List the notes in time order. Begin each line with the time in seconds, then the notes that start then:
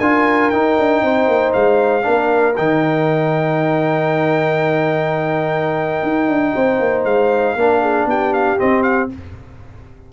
0.00 D4 F4 A#4 G#5
0.50 D#4 G5
0.79 D4
1.02 C4 C5
1.28 A#3
1.53 G#3 F5
2.02 A#3 D4 A#4
2.56 D#3 D#4 G5
6.03 D#4
6.28 D4
6.54 C4 C5
6.79 A#3
7.05 G#3 F5
7.55 A#3 D4 A#4
7.82 G#4
8.06 B3 G4 G5
8.34 F5
8.58 C4 D#5
8.82 F5